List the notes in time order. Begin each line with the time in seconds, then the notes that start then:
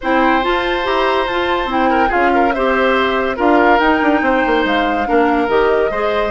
0.01 C4 E4 C5 G5
0.42 F4 A5
0.83 E4 G4 A#5
1.26 F4 A5
1.65 C4 E4
1.71 G5
1.90 A#4
2.08 C#4 F4 G#4 F5
2.34 A#4
2.52 C4 G4 C5 E5
3.36 D4 F4 A#4 F5
3.79 D#4 G5
4.02 D4
4.21 C4 C5
4.46 A#3
4.64 G#3 F5
5.05 A#3 D4 A#4
5.47 D#3 G4 D#5
5.90 G#3 G#4 C5